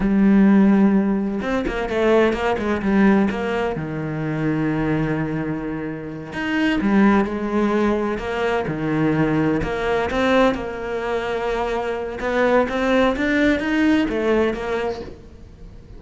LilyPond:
\new Staff \with { instrumentName = "cello" } { \time 4/4 \tempo 4 = 128 g2. c'8 ais8 | a4 ais8 gis8 g4 ais4 | dis1~ | dis4. dis'4 g4 gis8~ |
gis4. ais4 dis4.~ | dis8 ais4 c'4 ais4.~ | ais2 b4 c'4 | d'4 dis'4 a4 ais4 | }